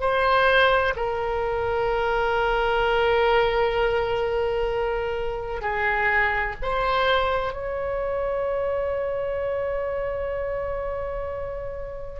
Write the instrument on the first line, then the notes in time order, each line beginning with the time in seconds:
oboe
0.00 C5
0.96 A#4
5.61 G#4
6.62 C5
7.53 C#5